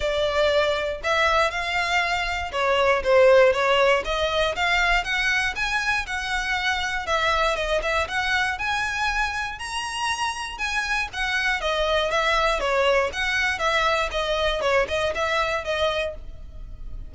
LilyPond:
\new Staff \with { instrumentName = "violin" } { \time 4/4 \tempo 4 = 119 d''2 e''4 f''4~ | f''4 cis''4 c''4 cis''4 | dis''4 f''4 fis''4 gis''4 | fis''2 e''4 dis''8 e''8 |
fis''4 gis''2 ais''4~ | ais''4 gis''4 fis''4 dis''4 | e''4 cis''4 fis''4 e''4 | dis''4 cis''8 dis''8 e''4 dis''4 | }